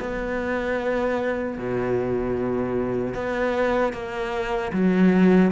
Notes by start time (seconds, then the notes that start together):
0.00 B3
1.58 B2
3.14 B3
3.93 A#3
4.73 F#3